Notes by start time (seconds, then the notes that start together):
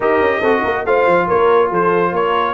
0.00 D#4 G4 A#4 D#5
0.19 C#4
0.39 C4 F#4 A4
0.63 A#3 A#4
0.85 A3 F4 C5 F5
1.06 F3
1.27 A#3 A#4 C#5
1.70 F3 A4 C5
2.11 A#3 A#4 C#5